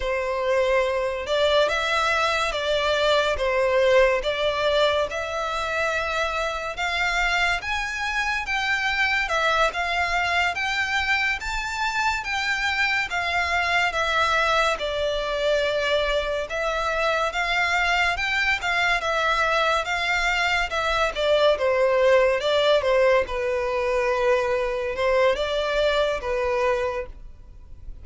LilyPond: \new Staff \with { instrumentName = "violin" } { \time 4/4 \tempo 4 = 71 c''4. d''8 e''4 d''4 | c''4 d''4 e''2 | f''4 gis''4 g''4 e''8 f''8~ | f''8 g''4 a''4 g''4 f''8~ |
f''8 e''4 d''2 e''8~ | e''8 f''4 g''8 f''8 e''4 f''8~ | f''8 e''8 d''8 c''4 d''8 c''8 b'8~ | b'4. c''8 d''4 b'4 | }